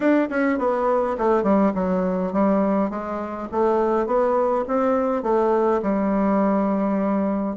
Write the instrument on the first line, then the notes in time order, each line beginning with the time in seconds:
bassoon
0.00 D4
0.30 C#4
0.58 B3
1.18 A3
1.43 G3
1.74 F#3
2.32 G3
2.90 G#3
3.51 A3
4.06 B3
4.67 C4
5.23 A3
5.82 G3